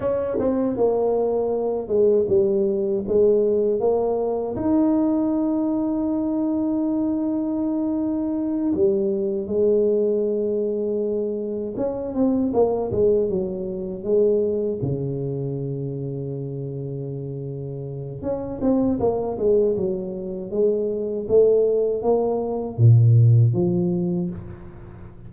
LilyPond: \new Staff \with { instrumentName = "tuba" } { \time 4/4 \tempo 4 = 79 cis'8 c'8 ais4. gis8 g4 | gis4 ais4 dis'2~ | dis'2.~ dis'8 g8~ | g8 gis2. cis'8 |
c'8 ais8 gis8 fis4 gis4 cis8~ | cis1 | cis'8 c'8 ais8 gis8 fis4 gis4 | a4 ais4 ais,4 f4 | }